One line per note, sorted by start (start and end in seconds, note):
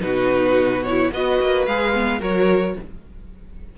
0.00 1.11 B2
0.00 0.83 D#4
0.00 1.12 F#4
0.00 0.83 B4
0.83 1.12 E4
0.83 1.11 C#5
1.11 1.39 B3
1.11 1.67 F#4
1.11 2.19 B4
1.11 1.66 D#5
1.40 1.67 A#3
1.66 2.21 G#3
1.66 1.94 G#4
1.66 2.21 F5
1.94 2.19 B3
2.19 2.76 F#3
2.19 2.74 F#4
2.19 2.74 A#4
2.19 2.78 C#5